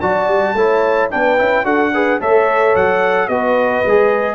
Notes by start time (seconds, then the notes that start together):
0.00 F#3 F#4 D5 A5
0.27 G3
0.54 A3 E4 C#5
1.10 B3 D4 B4 G5
1.37 C#4 E4
1.64 D4 F#4 A4 F#5
1.93 G#4 B4
2.19 A3 A4 C#5 E5
2.75 F#3 F#5
3.27 B3 F#4 B4 D#5
3.85 G#3 G#4